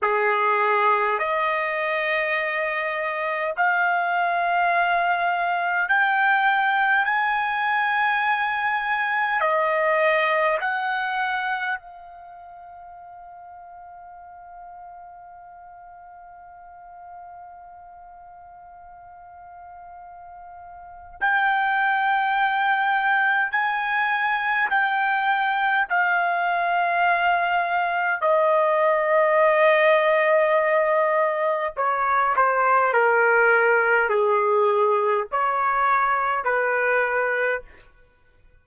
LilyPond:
\new Staff \with { instrumentName = "trumpet" } { \time 4/4 \tempo 4 = 51 gis'4 dis''2 f''4~ | f''4 g''4 gis''2 | dis''4 fis''4 f''2~ | f''1~ |
f''2 g''2 | gis''4 g''4 f''2 | dis''2. cis''8 c''8 | ais'4 gis'4 cis''4 b'4 | }